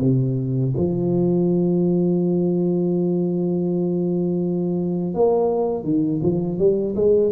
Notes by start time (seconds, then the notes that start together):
0.00 C3
0.76 F3
5.14 A#3
5.83 D#3
6.22 F3
6.58 G3
6.95 G#3